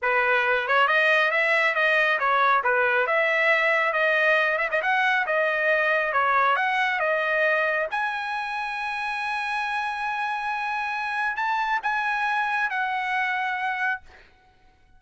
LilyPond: \new Staff \with { instrumentName = "trumpet" } { \time 4/4 \tempo 4 = 137 b'4. cis''8 dis''4 e''4 | dis''4 cis''4 b'4 e''4~ | e''4 dis''4. e''16 dis''16 fis''4 | dis''2 cis''4 fis''4 |
dis''2 gis''2~ | gis''1~ | gis''2 a''4 gis''4~ | gis''4 fis''2. | }